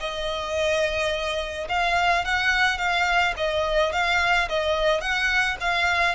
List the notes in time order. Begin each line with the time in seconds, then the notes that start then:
0.00 D#5
1.69 F5
2.25 F#5
2.78 F5
3.37 D#5
3.92 F5
4.49 D#5
5.01 F#5
5.60 F5